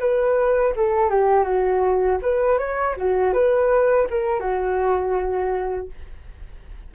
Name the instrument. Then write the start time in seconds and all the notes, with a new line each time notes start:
flute
0.00 B4
0.77 A4
1.10 G4
1.44 F#4
2.23 B4
2.59 C#5
2.97 F#4
3.34 B4
4.10 A#4
4.40 F#4